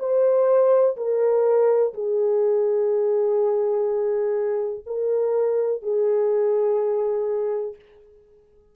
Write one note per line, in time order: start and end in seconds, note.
0.00 0.97 C5
0.97 1.94 A#4
1.94 4.84 G#4
4.87 5.82 A#4
5.82 7.76 G#4